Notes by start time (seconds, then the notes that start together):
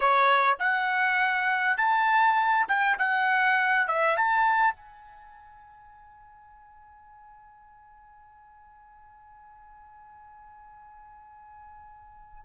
0.00 C#5
0.59 F#5
1.77 A5
2.67 G5
2.98 F#5
3.87 E5
4.16 A5
4.75 G#5